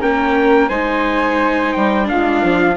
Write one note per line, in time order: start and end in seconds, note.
0.00 0.69 A#3
0.00 0.69 C#4
0.00 0.69 A#4
0.00 0.69 G5
0.69 1.73 G#3
0.69 2.04 D#4
0.69 2.07 C5
0.69 1.73 G#5
1.73 2.11 G3
1.73 2.07 G5
2.04 2.73 D4
2.04 2.77 F5
2.11 2.43 G#3
2.11 2.77 F4
2.43 2.77 F3